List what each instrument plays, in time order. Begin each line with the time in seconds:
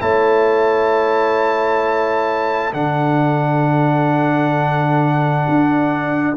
0.00 tuba A3, trombone E4, horn C#5, trumpet A5
2.73 tuba D3, trombone D4, horn A4, trumpet F#5
5.49 tuba D4